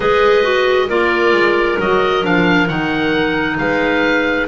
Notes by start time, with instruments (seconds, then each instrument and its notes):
0.00 double bass G#3, clarinet G#4 B4, oboe D#5
0.43 clarinet F#4
0.87 double bass A#3, clarinet F4 A#4, oboe D5
1.32 double bass G#3
1.79 double bass F#3, clarinet F#4, oboe D#5
2.21 double bass F3, clarinet D4, oboe F5
2.68 double bass D#3, clarinet D#4, oboe F#5
3.58 double bass G#3, clarinet B4, oboe F5